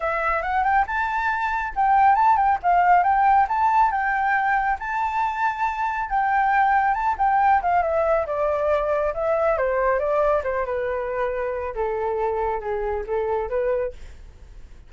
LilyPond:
\new Staff \with { instrumentName = "flute" } { \time 4/4 \tempo 4 = 138 e''4 fis''8 g''8 a''2 | g''4 a''8 g''8 f''4 g''4 | a''4 g''2 a''4~ | a''2 g''2 |
a''8 g''4 f''8 e''4 d''4~ | d''4 e''4 c''4 d''4 | c''8 b'2~ b'8 a'4~ | a'4 gis'4 a'4 b'4 | }